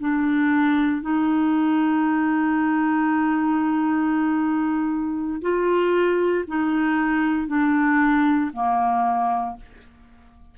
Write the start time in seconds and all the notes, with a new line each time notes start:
0.00 D4
1.02 D#4
5.42 F4
6.47 D#4
7.48 D4
8.53 A#3